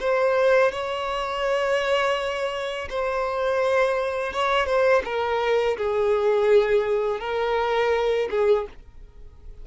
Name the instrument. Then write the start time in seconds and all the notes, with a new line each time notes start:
violin
0.00 C5
0.72 C#5
2.90 C5
4.33 C#5
4.66 C5
5.05 A#4
5.77 G#4
7.20 A#4
8.30 G#4